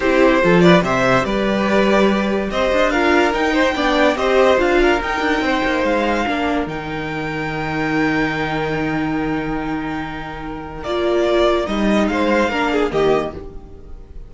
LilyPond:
<<
  \new Staff \with { instrumentName = "violin" } { \time 4/4 \tempo 4 = 144 c''4. d''8 e''4 d''4~ | d''2 dis''4 f''4 | g''2 dis''4 f''4 | g''2 f''2 |
g''1~ | g''1~ | g''2 d''2 | dis''4 f''2 dis''4 | }
  \new Staff \with { instrumentName = "violin" } { \time 4/4 g'4 a'8 b'8 c''4 b'4~ | b'2 c''4 ais'4~ | ais'8 c''8 d''4 c''4. ais'8~ | ais'4 c''2 ais'4~ |
ais'1~ | ais'1~ | ais'1~ | ais'4 c''4 ais'8 gis'8 g'4 | }
  \new Staff \with { instrumentName = "viola" } { \time 4/4 e'4 f'4 g'2~ | g'2. f'4 | dis'4 d'4 g'4 f'4 | dis'2. d'4 |
dis'1~ | dis'1~ | dis'2 f'2 | dis'2 d'4 ais4 | }
  \new Staff \with { instrumentName = "cello" } { \time 4/4 c'4 f4 c4 g4~ | g2 c'8 d'4. | dis'4 b4 c'4 d'4 | dis'8 d'8 c'8 ais8 gis4 ais4 |
dis1~ | dis1~ | dis2 ais2 | g4 gis4 ais4 dis4 | }
>>